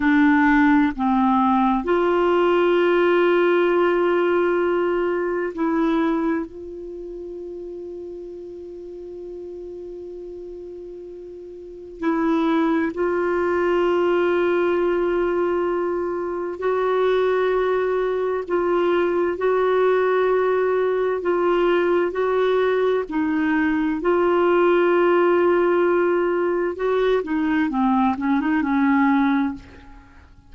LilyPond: \new Staff \with { instrumentName = "clarinet" } { \time 4/4 \tempo 4 = 65 d'4 c'4 f'2~ | f'2 e'4 f'4~ | f'1~ | f'4 e'4 f'2~ |
f'2 fis'2 | f'4 fis'2 f'4 | fis'4 dis'4 f'2~ | f'4 fis'8 dis'8 c'8 cis'16 dis'16 cis'4 | }